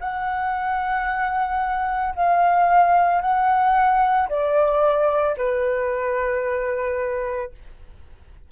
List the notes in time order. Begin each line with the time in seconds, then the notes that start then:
0.00 F#5
2.15 F5
3.20 F#5
4.28 D5
5.37 B4